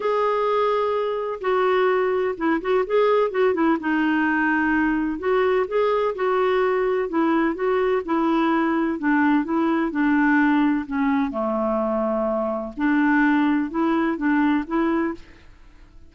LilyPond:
\new Staff \with { instrumentName = "clarinet" } { \time 4/4 \tempo 4 = 127 gis'2. fis'4~ | fis'4 e'8 fis'8 gis'4 fis'8 e'8 | dis'2. fis'4 | gis'4 fis'2 e'4 |
fis'4 e'2 d'4 | e'4 d'2 cis'4 | a2. d'4~ | d'4 e'4 d'4 e'4 | }